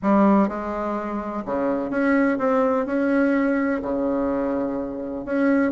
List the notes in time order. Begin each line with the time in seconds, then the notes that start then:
0.02 G3
0.48 G#3
1.45 C#3
1.90 C#4
2.38 C4
2.86 C#4
3.82 C#3
5.25 C#4